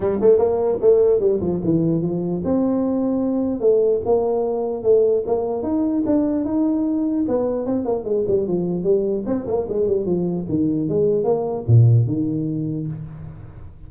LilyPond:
\new Staff \with { instrumentName = "tuba" } { \time 4/4 \tempo 4 = 149 g8 a8 ais4 a4 g8 f8 | e4 f4 c'2~ | c'4 a4 ais2 | a4 ais4 dis'4 d'4 |
dis'2 b4 c'8 ais8 | gis8 g8 f4 g4 c'8 ais8 | gis8 g8 f4 dis4 gis4 | ais4 ais,4 dis2 | }